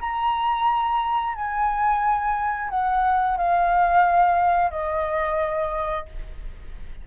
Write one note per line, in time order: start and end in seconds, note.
0.00 1.35 A#5
1.35 2.69 G#5
2.69 3.37 F#5
3.37 4.71 F5
4.71 6.06 D#5